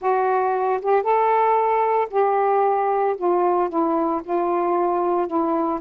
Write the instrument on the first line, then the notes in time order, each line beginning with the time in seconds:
saxophone
0.01 F#4
0.81 G4
1.02 A4
2.10 G4
3.17 F4
3.69 E4
4.23 F4
5.27 E4